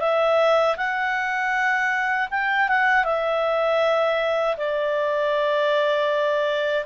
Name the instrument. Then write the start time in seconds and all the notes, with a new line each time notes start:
clarinet
0.00 E5
0.77 F#5
2.31 G5
2.69 F#5
3.04 E5
4.57 D5